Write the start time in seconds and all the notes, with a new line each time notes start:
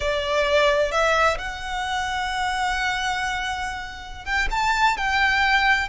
0.00 D5
0.91 E5
1.37 F#5
4.25 G5
4.51 A5
4.97 G5